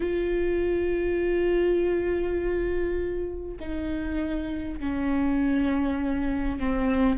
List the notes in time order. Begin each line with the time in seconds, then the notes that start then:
0.00 F4
3.59 D#4
4.80 C#4
6.59 C4